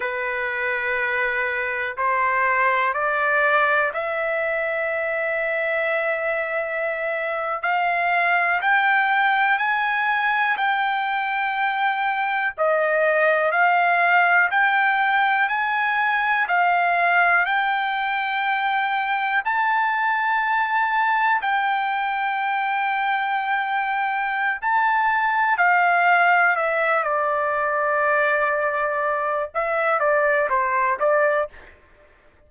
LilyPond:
\new Staff \with { instrumentName = "trumpet" } { \time 4/4 \tempo 4 = 61 b'2 c''4 d''4 | e''2.~ e''8. f''16~ | f''8. g''4 gis''4 g''4~ g''16~ | g''8. dis''4 f''4 g''4 gis''16~ |
gis''8. f''4 g''2 a''16~ | a''4.~ a''16 g''2~ g''16~ | g''4 a''4 f''4 e''8 d''8~ | d''2 e''8 d''8 c''8 d''8 | }